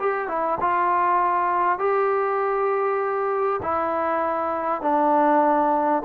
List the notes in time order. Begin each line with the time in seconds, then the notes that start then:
0.00 G4
0.28 E4
0.61 F4
1.79 G4
3.63 E4
4.82 D4